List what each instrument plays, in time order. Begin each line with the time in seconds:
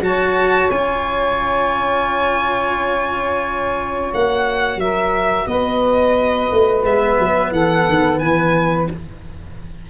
0.00 tuba F#3, cello F#4, saxophone C#5, violin A5
0.71 tuba C#4, cello F4, violin G#5
4.13 tuba A#3, cello F#4, violin F#5
4.76 tuba F#3, saxophone A#4, violin E5
5.46 tuba B3, saxophone B4, violin D#5
6.52 tuba A3
6.84 tuba G#3, cello B3, violin E5
7.19 tuba F#3
7.51 tuba E3, saxophone A4, violin F#5
7.88 tuba D#3
8.19 tuba E3, saxophone B4, violin G#5